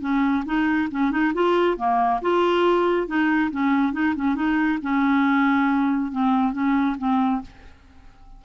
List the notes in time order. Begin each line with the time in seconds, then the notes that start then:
0.00 C#4
0.45 D#4
0.91 C#4
1.11 D#4
1.34 F4
1.77 A#3
2.21 F4
3.07 D#4
3.51 C#4
3.92 D#4
4.15 C#4
4.35 D#4
4.82 C#4
6.11 C4
6.53 C#4
6.98 C4